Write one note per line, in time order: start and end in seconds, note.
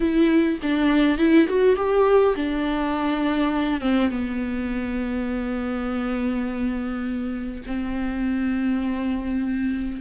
0.00 0.59 E4
0.62 1.18 D4
1.18 1.47 E4
1.48 1.75 F#4
1.75 2.34 G4
2.35 3.80 D4
3.80 4.10 C4
4.10 7.63 B3
7.66 10.01 C4